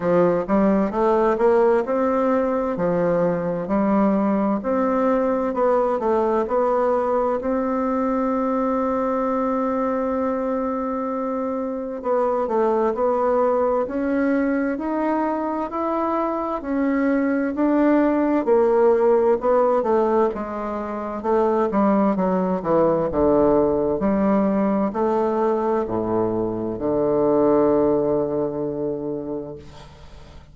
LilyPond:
\new Staff \with { instrumentName = "bassoon" } { \time 4/4 \tempo 4 = 65 f8 g8 a8 ais8 c'4 f4 | g4 c'4 b8 a8 b4 | c'1~ | c'4 b8 a8 b4 cis'4 |
dis'4 e'4 cis'4 d'4 | ais4 b8 a8 gis4 a8 g8 | fis8 e8 d4 g4 a4 | a,4 d2. | }